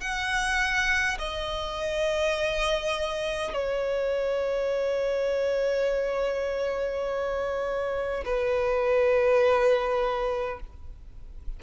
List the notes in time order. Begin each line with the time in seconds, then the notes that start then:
0.00 F#5
1.18 D#5
3.53 C#5
8.25 B4